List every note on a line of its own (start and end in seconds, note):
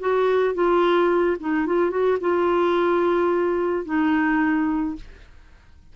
0.00 0.54 F#4
0.54 1.37 F4
1.40 1.67 D#4
1.67 1.90 F4
1.90 2.18 F#4
2.20 3.85 F4
3.85 4.95 D#4